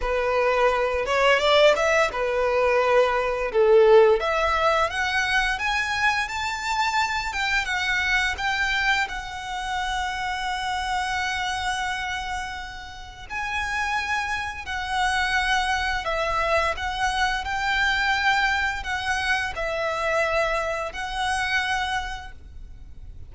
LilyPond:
\new Staff \with { instrumentName = "violin" } { \time 4/4 \tempo 4 = 86 b'4. cis''8 d''8 e''8 b'4~ | b'4 a'4 e''4 fis''4 | gis''4 a''4. g''8 fis''4 | g''4 fis''2.~ |
fis''2. gis''4~ | gis''4 fis''2 e''4 | fis''4 g''2 fis''4 | e''2 fis''2 | }